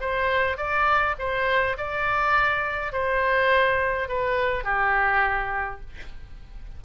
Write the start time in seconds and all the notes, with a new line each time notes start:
0.00 C5
0.57 D5
1.18 C5
1.77 D5
2.92 C5
4.08 B4
4.64 G4